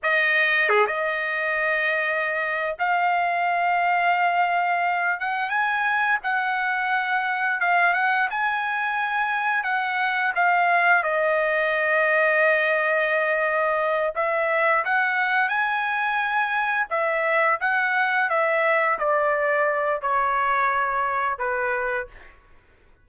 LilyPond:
\new Staff \with { instrumentName = "trumpet" } { \time 4/4 \tempo 4 = 87 dis''4 gis'16 dis''2~ dis''8. | f''2.~ f''8 fis''8 | gis''4 fis''2 f''8 fis''8 | gis''2 fis''4 f''4 |
dis''1~ | dis''8 e''4 fis''4 gis''4.~ | gis''8 e''4 fis''4 e''4 d''8~ | d''4 cis''2 b'4 | }